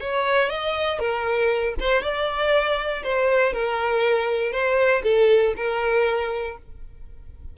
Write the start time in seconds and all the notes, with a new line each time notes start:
0.00 C#5
0.49 D#5
0.99 A#4
1.79 C5
2.02 D5
3.03 C5
3.53 A#4
4.52 C5
5.04 A4
5.56 A#4